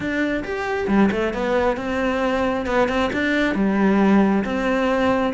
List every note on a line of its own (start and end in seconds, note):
0.00 0.43 D4
0.43 0.87 G4
0.87 1.09 G3
1.11 1.33 A3
1.33 1.77 B3
1.77 2.65 C4
2.66 2.88 B3
2.88 3.10 C4
3.13 3.55 D4
3.55 4.43 G3
4.44 5.33 C4